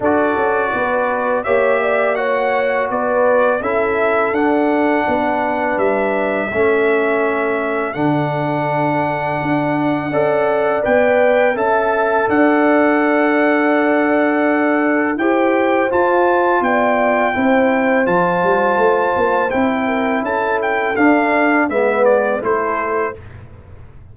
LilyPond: <<
  \new Staff \with { instrumentName = "trumpet" } { \time 4/4 \tempo 4 = 83 d''2 e''4 fis''4 | d''4 e''4 fis''2 | e''2. fis''4~ | fis''2. g''4 |
a''4 fis''2.~ | fis''4 g''4 a''4 g''4~ | g''4 a''2 g''4 | a''8 g''8 f''4 e''8 d''8 c''4 | }
  \new Staff \with { instrumentName = "horn" } { \time 4/4 a'4 b'4 cis''8 d''8 cis''4 | b'4 a'2 b'4~ | b'4 a'2.~ | a'2 d''2 |
e''4 d''2.~ | d''4 c''2 d''4 | c''2.~ c''8 ais'8 | a'2 b'4 a'4 | }
  \new Staff \with { instrumentName = "trombone" } { \time 4/4 fis'2 g'4 fis'4~ | fis'4 e'4 d'2~ | d'4 cis'2 d'4~ | d'2 a'4 b'4 |
a'1~ | a'4 g'4 f'2 | e'4 f'2 e'4~ | e'4 d'4 b4 e'4 | }
  \new Staff \with { instrumentName = "tuba" } { \time 4/4 d'8 cis'8 b4 ais2 | b4 cis'4 d'4 b4 | g4 a2 d4~ | d4 d'4 cis'4 b4 |
cis'4 d'2.~ | d'4 e'4 f'4 b4 | c'4 f8 g8 a8 ais8 c'4 | cis'4 d'4 gis4 a4 | }
>>